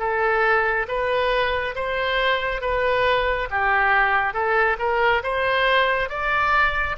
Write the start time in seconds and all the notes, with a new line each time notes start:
0.00 A4
0.89 B4
1.75 C5
2.62 B4
3.51 G4
4.34 A4
4.79 A#4
5.24 C5
6.10 D5